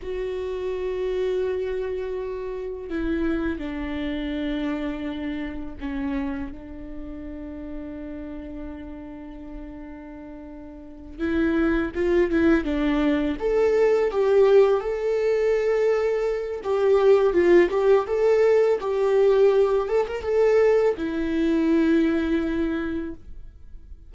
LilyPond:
\new Staff \with { instrumentName = "viola" } { \time 4/4 \tempo 4 = 83 fis'1 | e'4 d'2. | cis'4 d'2.~ | d'2.~ d'8 e'8~ |
e'8 f'8 e'8 d'4 a'4 g'8~ | g'8 a'2~ a'8 g'4 | f'8 g'8 a'4 g'4. a'16 ais'16 | a'4 e'2. | }